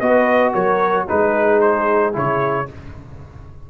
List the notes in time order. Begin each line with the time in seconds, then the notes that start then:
0.00 B3 F#4 B4 D#5
0.53 F#3 A#4 C#5
1.07 G#3 D#4 G#4 B4
1.61 C5
2.13 C#3 E4 C#5